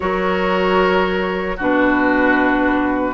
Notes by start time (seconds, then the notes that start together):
0.00 F#3 F#4 A#4 C#5
1.57 B2 D4 F#4 B4